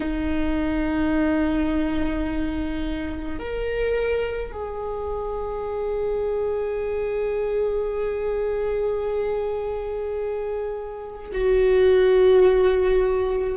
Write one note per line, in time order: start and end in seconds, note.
0.00 3.39 D#4
3.39 4.51 A#4
4.51 11.31 G#4
11.32 13.56 F#4